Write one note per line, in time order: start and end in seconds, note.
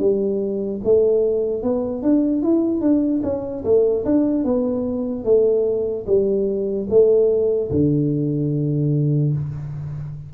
0.00 0.81 G3
0.84 1.63 A3
1.63 2.03 B3
2.03 2.43 D4
2.43 2.81 E4
2.81 3.21 D4
3.24 3.64 C#4
3.64 4.05 A3
4.06 4.45 D4
4.45 5.25 B3
5.25 6.06 A3
6.07 6.88 G3
6.90 7.71 A3
7.71 9.33 D3